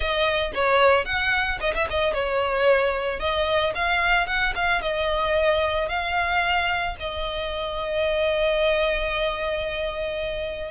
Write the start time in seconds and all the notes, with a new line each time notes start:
0.00 D#5
0.54 C#5
1.05 F#5
1.60 D#5
1.74 E5
1.89 D#5
2.13 C#5
3.19 D#5
3.74 F5
4.26 F#5
4.55 F5
4.81 D#5
5.89 F5
6.99 D#5